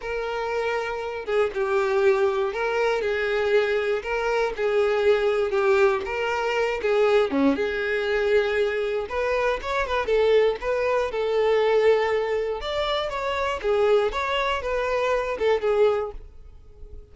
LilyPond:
\new Staff \with { instrumentName = "violin" } { \time 4/4 \tempo 4 = 119 ais'2~ ais'8 gis'8 g'4~ | g'4 ais'4 gis'2 | ais'4 gis'2 g'4 | ais'4. gis'4 cis'8 gis'4~ |
gis'2 b'4 cis''8 b'8 | a'4 b'4 a'2~ | a'4 d''4 cis''4 gis'4 | cis''4 b'4. a'8 gis'4 | }